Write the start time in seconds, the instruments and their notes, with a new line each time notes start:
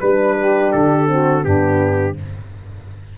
0.00 tuba G3, horn D4, saxophone B4, trumpet B4
0.38 saxophone G4
0.72 tuba D3, trumpet A4
1.06 horn C4, saxophone F#4
1.41 tuba G2, horn B3, saxophone D4, trumpet G4